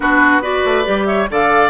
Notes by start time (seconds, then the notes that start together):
0.00 B3 D4 F#4 B4
0.41 F#4 B4 D5
0.65 A3
0.84 G3 G4
1.05 C#5 E5
1.30 D3 A4 D5 F5